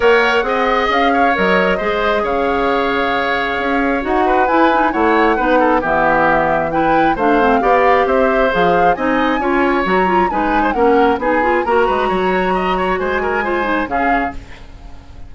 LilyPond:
<<
  \new Staff \with { instrumentName = "flute" } { \time 4/4 \tempo 4 = 134 fis''2 f''4 dis''4~ | dis''4 f''2.~ | f''4 fis''4 gis''4 fis''4~ | fis''4 e''2 g''4 |
f''2 e''4 f''4 | gis''2 ais''4 gis''4 | fis''4 gis''4 ais''2~ | ais''4 gis''2 f''4 | }
  \new Staff \with { instrumentName = "oboe" } { \time 4/4 cis''4 dis''4. cis''4. | c''4 cis''2.~ | cis''4. b'4. cis''4 | b'8 a'8 g'2 b'4 |
c''4 d''4 c''2 | dis''4 cis''2 b'8. c''16 | ais'4 gis'4 ais'8 b'8 cis''4 | dis''8 cis''8 c''8 ais'8 c''4 gis'4 | }
  \new Staff \with { instrumentName = "clarinet" } { \time 4/4 ais'4 gis'2 ais'4 | gis'1~ | gis'4 fis'4 e'8 dis'8 e'4 | dis'4 b2 e'4 |
d'8 c'8 g'2 gis'4 | dis'4 f'4 fis'8 f'8 dis'4 | cis'4 dis'8 f'8 fis'2~ | fis'2 f'8 dis'8 cis'4 | }
  \new Staff \with { instrumentName = "bassoon" } { \time 4/4 ais4 c'4 cis'4 fis4 | gis4 cis2. | cis'4 dis'4 e'4 a4 | b4 e2. |
a4 b4 c'4 f4 | c'4 cis'4 fis4 gis4 | ais4 b4 ais8 gis8 fis4~ | fis4 gis2 cis4 | }
>>